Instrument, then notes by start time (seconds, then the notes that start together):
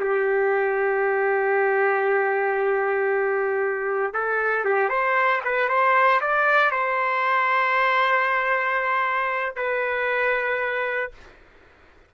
trumpet
0.00 G4
4.14 A4
4.65 G4
4.90 C5
5.45 B4
5.69 C5
6.21 D5
6.71 C5
9.56 B4